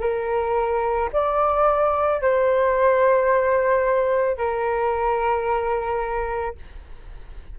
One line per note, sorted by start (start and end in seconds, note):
0.00 1.09 A#4
1.12 2.21 D5
2.21 4.37 C5
4.37 6.55 A#4